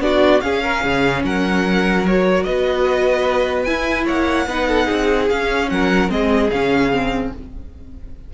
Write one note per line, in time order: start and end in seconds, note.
0.00 0.41 B3
0.00 0.42 D4
0.00 0.44 F#4
0.00 0.41 D5
0.41 2.04 C#4
0.41 0.84 C#4
0.41 0.63 G#4
0.41 1.22 F5
0.63 0.83 A#4
0.83 1.23 C#3
0.83 1.23 G#4
1.23 2.45 F#3
1.23 2.46 A#4
1.23 2.06 F#5
2.07 3.67 F#4
2.07 2.44 C#5
2.44 3.68 B3
2.44 4.05 B4
2.44 3.64 D#5
3.64 4.48 E4
3.64 4.09 E4
3.64 4.04 G#5
4.05 4.47 A#3
4.05 4.46 C#5
4.05 5.29 F#5
4.47 4.88 B3
4.47 5.29 D#4
4.47 4.68 B4
4.68 4.86 A4
4.86 5.31 C4
4.86 5.67 G#4
5.29 5.71 C#4
5.29 6.09 C#4
5.29 5.70 F5
5.70 6.10 F#3
5.70 6.12 A#4
5.70 6.10 F#5
6.09 6.50 G#3
6.09 6.49 C4
6.09 7.34 G#4
6.09 6.51 D#5
6.51 7.33 C#3
6.51 6.92 C#4
6.51 7.32 F5
6.92 7.33 C4